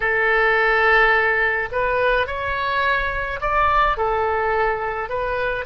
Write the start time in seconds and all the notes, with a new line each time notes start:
0.00 A4
1.71 B4
2.26 C#5
3.40 D5
3.97 A4
5.09 B4